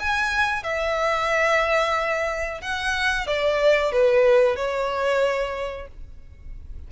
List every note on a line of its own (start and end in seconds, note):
0.00 0.64 G#5
0.64 2.61 E5
2.61 3.27 F#5
3.27 3.93 D5
3.93 4.56 B4
4.56 5.88 C#5